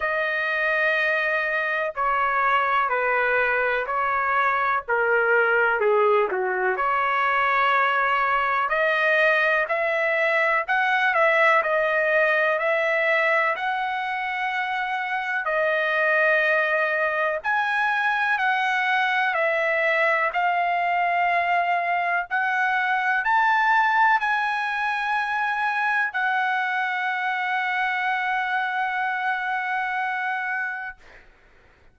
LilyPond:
\new Staff \with { instrumentName = "trumpet" } { \time 4/4 \tempo 4 = 62 dis''2 cis''4 b'4 | cis''4 ais'4 gis'8 fis'8 cis''4~ | cis''4 dis''4 e''4 fis''8 e''8 | dis''4 e''4 fis''2 |
dis''2 gis''4 fis''4 | e''4 f''2 fis''4 | a''4 gis''2 fis''4~ | fis''1 | }